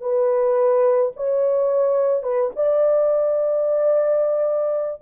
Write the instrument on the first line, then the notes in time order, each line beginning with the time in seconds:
horn
0.00 B4
1.16 C#5
2.22 B4
2.55 D5